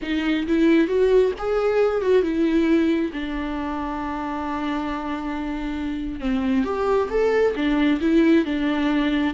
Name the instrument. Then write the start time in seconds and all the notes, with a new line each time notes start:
viola
0.02 D#4
0.47 E4
0.87 F#4
1.38 G#4
2.01 F#4
2.22 E4
3.12 D4
6.20 C4
6.64 G4
7.09 A4
7.55 D4
8.00 E4
8.45 D4